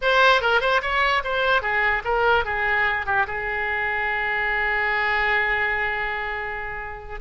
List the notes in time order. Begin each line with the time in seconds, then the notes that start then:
0.01 C5
0.41 A#4
0.60 C5
0.82 C#5
1.24 C5
1.62 G#4
2.04 A#4
2.45 G#4
3.06 G4
3.26 G#4